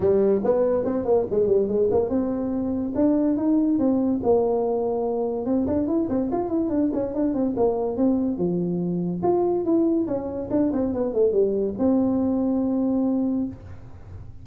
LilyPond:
\new Staff \with { instrumentName = "tuba" } { \time 4/4 \tempo 4 = 143 g4 b4 c'8 ais8 gis8 g8 | gis8 ais8 c'2 d'4 | dis'4 c'4 ais2~ | ais4 c'8 d'8 e'8 c'8 f'8 e'8 |
d'8 cis'8 d'8 c'8 ais4 c'4 | f2 f'4 e'4 | cis'4 d'8 c'8 b8 a8 g4 | c'1 | }